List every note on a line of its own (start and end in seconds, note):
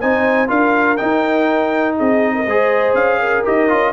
0.00 0.50 C4
0.00 0.48 D#4
0.00 0.49 C5
0.00 0.49 G#5
0.48 0.99 D4
0.48 0.97 F4
0.48 1.97 A#4
0.48 0.97 F5
0.97 2.46 D#4
0.97 2.01 D#4
0.97 1.96 G5
1.97 2.47 C4
1.97 2.34 G#4
1.97 2.95 D#5
2.35 2.47 A#4
2.47 2.94 G#3
2.47 3.45 G#4
2.47 3.20 C5
2.94 3.44 C#4
2.94 3.44 F5
3.20 3.94 A#4
3.45 3.72 D#4
3.45 3.69 G4
3.45 3.94 D#5
3.69 3.94 C#4
3.69 3.94 F4